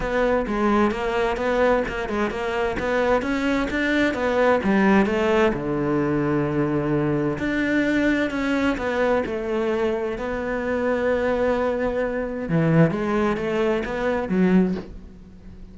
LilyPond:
\new Staff \with { instrumentName = "cello" } { \time 4/4 \tempo 4 = 130 b4 gis4 ais4 b4 | ais8 gis8 ais4 b4 cis'4 | d'4 b4 g4 a4 | d1 |
d'2 cis'4 b4 | a2 b2~ | b2. e4 | gis4 a4 b4 fis4 | }